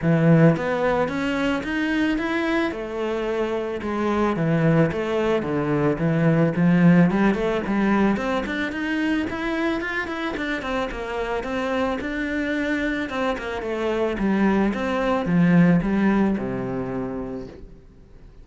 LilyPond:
\new Staff \with { instrumentName = "cello" } { \time 4/4 \tempo 4 = 110 e4 b4 cis'4 dis'4 | e'4 a2 gis4 | e4 a4 d4 e4 | f4 g8 a8 g4 c'8 d'8 |
dis'4 e'4 f'8 e'8 d'8 c'8 | ais4 c'4 d'2 | c'8 ais8 a4 g4 c'4 | f4 g4 c2 | }